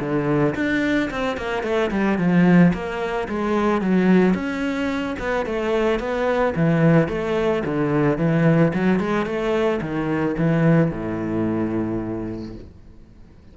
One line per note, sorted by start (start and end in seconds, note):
0.00 0.55 D3
0.55 1.10 D4
1.11 1.37 C4
1.37 1.63 A#3
1.63 1.90 A3
1.91 2.18 G3
2.18 2.73 F3
2.73 3.28 A#3
3.28 3.82 G#3
3.82 4.34 F#3
4.34 5.16 C#4
5.19 5.46 B3
5.46 5.99 A3
5.99 6.54 B3
6.56 7.08 E3
7.08 7.63 A3
7.65 8.18 D3
8.18 8.72 E3
8.74 8.99 F#3
8.99 9.26 G#3
9.26 9.80 A3
9.81 10.36 D#3
10.38 10.91 E3
10.91 12.55 A2